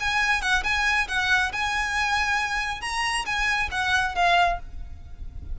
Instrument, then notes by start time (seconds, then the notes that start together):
violin
0.00 G#5
0.41 F#5
0.64 G#5
1.08 F#5
1.52 G#5
2.81 A#5
3.25 G#5
3.71 F#5
4.15 F5